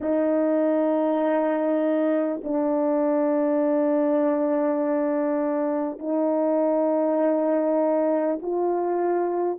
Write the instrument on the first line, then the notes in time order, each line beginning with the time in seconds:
horn
0.01 D#4
2.43 D4
5.98 D#4
8.42 F4